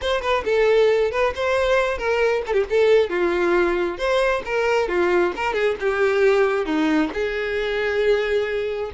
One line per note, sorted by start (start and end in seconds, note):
0.01 0.21 C5
0.21 0.43 B4
0.44 1.11 A4
1.11 1.33 B4
1.35 1.98 C5
1.98 2.42 A#4
2.46 2.53 A4
2.53 2.64 G4
2.69 3.09 A4
3.09 3.98 F4
3.98 4.42 C5
4.45 4.88 A#4
4.88 5.33 F4
5.36 5.53 A#4
5.53 5.75 G#4
5.79 6.65 G4
6.65 7.10 D#4
7.13 8.91 G#4